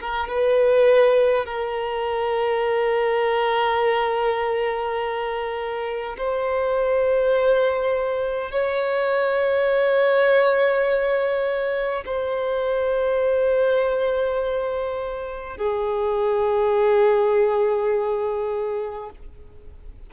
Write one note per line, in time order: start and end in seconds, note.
0.00 0.28 A#4
0.28 1.45 B4
1.45 6.16 A#4
6.17 8.51 C5
8.51 12.04 C#5
12.05 15.57 C5
15.57 19.10 G#4